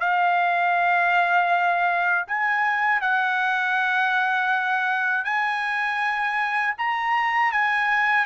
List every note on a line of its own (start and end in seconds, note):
0.00 2.25 F5
2.27 3.01 G#5
3.01 5.24 F#5
5.24 6.74 G#5
6.78 7.52 A#5
7.52 8.25 G#5